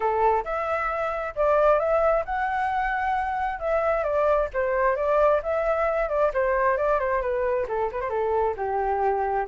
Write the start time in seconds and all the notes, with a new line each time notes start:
0.00 A4
0.44 E5
1.35 D5
1.79 E5
2.25 F#5
3.59 E5
4.03 D5
4.53 C5
4.96 D5
5.42 E5
6.08 D5
6.33 C5
6.77 D5
6.99 C5
7.21 B4
7.68 A4
7.91 B4
8.01 C5
8.09 A4
8.56 G4